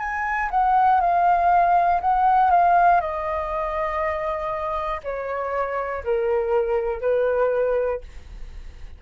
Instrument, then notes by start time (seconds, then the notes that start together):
flute
0.00 G#5
0.51 F#5
1.01 F5
2.01 F#5
2.51 F5
3.01 D#5
5.04 C#5
6.05 A#4
7.01 B4